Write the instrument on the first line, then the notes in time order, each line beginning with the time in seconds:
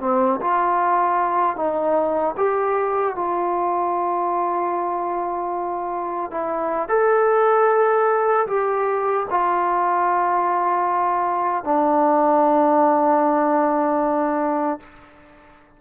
trombone
0.00 C4
0.41 F4
1.56 D#4
2.37 G4
3.15 F4
6.31 E4
6.89 A4
8.47 G4
9.30 F4
11.64 D4